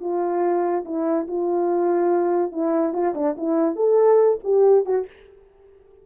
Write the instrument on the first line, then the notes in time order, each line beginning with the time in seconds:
horn
0.00 F4
0.85 E4
1.27 F4
2.52 E4
2.93 F4
3.14 D4
3.37 E4
3.76 A4
4.43 G4
4.85 F#4